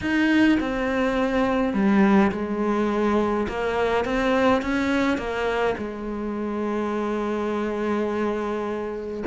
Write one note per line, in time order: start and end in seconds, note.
0.01 0.58 D#4
0.60 1.73 C4
1.73 2.31 G3
2.31 3.47 G#3
3.48 4.05 A#3
4.05 4.62 C4
4.62 5.17 C#4
5.17 5.75 A#3
5.78 9.24 G#3